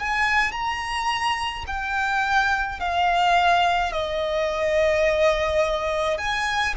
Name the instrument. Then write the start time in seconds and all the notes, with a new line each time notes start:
violin
0.00 G#5
0.52 A#5
1.67 G5
2.80 F5
3.93 D#5
6.19 G#5